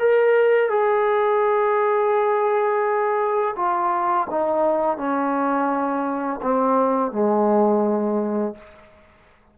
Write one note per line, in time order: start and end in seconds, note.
0.00 0.70 A#4
0.70 3.56 G#4
3.56 4.28 F4
4.31 4.98 D#4
4.98 6.41 C#4
6.42 7.12 C4
7.12 8.55 G#3